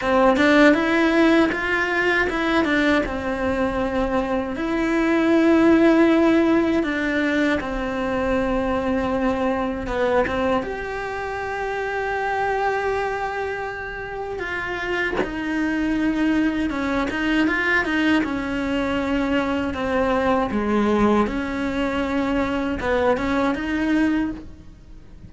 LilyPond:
\new Staff \with { instrumentName = "cello" } { \time 4/4 \tempo 4 = 79 c'8 d'8 e'4 f'4 e'8 d'8 | c'2 e'2~ | e'4 d'4 c'2~ | c'4 b8 c'8 g'2~ |
g'2. f'4 | dis'2 cis'8 dis'8 f'8 dis'8 | cis'2 c'4 gis4 | cis'2 b8 cis'8 dis'4 | }